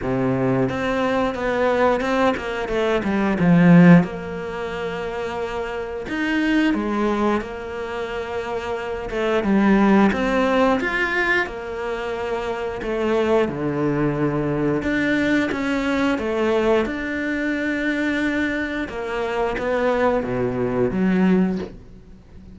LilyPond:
\new Staff \with { instrumentName = "cello" } { \time 4/4 \tempo 4 = 89 c4 c'4 b4 c'8 ais8 | a8 g8 f4 ais2~ | ais4 dis'4 gis4 ais4~ | ais4. a8 g4 c'4 |
f'4 ais2 a4 | d2 d'4 cis'4 | a4 d'2. | ais4 b4 b,4 fis4 | }